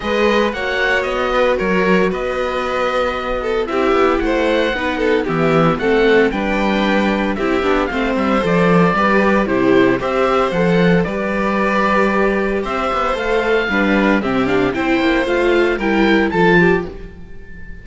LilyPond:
<<
  \new Staff \with { instrumentName = "oboe" } { \time 4/4 \tempo 4 = 114 dis''4 fis''4 dis''4 cis''4 | dis''2. e''4 | fis''2 e''4 fis''4 | g''2 e''4 f''8 e''8 |
d''2 c''4 e''4 | fis''4 d''2. | e''4 f''2 e''8 f''8 | g''4 f''4 g''4 a''4 | }
  \new Staff \with { instrumentName = "violin" } { \time 4/4 b'4 cis''4. b'8 ais'4 | b'2~ b'8 a'8 g'4 | c''4 b'8 a'8 g'4 a'4 | b'2 g'4 c''4~ |
c''4 b'4 g'4 c''4~ | c''4 b'2. | c''2 b'4 g'4 | c''2 ais'4 a'8 g'8 | }
  \new Staff \with { instrumentName = "viola" } { \time 4/4 gis'4 fis'2.~ | fis'2. e'4~ | e'4 dis'4 b4 c'4 | d'2 e'8 d'8 c'4 |
a'4 g'4 e'4 g'4 | a'4 g'2.~ | g'4 a'4 d'4 c'8 d'8 | e'4 f'4 e'4 f'4 | }
  \new Staff \with { instrumentName = "cello" } { \time 4/4 gis4 ais4 b4 fis4 | b2. c'8 b8 | a4 b4 e4 a4 | g2 c'8 b8 a8 g8 |
f4 g4 c4 c'4 | f4 g2. | c'8 b8 a4 g4 c4 | c'8 ais8 a4 g4 f4 | }
>>